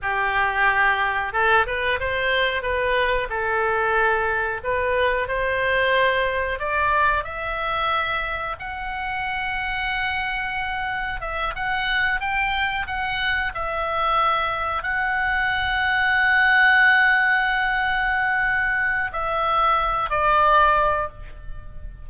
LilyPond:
\new Staff \with { instrumentName = "oboe" } { \time 4/4 \tempo 4 = 91 g'2 a'8 b'8 c''4 | b'4 a'2 b'4 | c''2 d''4 e''4~ | e''4 fis''2.~ |
fis''4 e''8 fis''4 g''4 fis''8~ | fis''8 e''2 fis''4.~ | fis''1~ | fis''4 e''4. d''4. | }